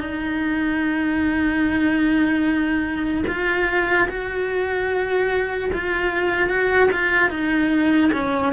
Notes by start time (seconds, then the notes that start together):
0.00 D#4
3.27 F4
4.09 F#4
5.73 F4
6.49 F#4
6.92 F4
7.30 D#4
8.12 C#4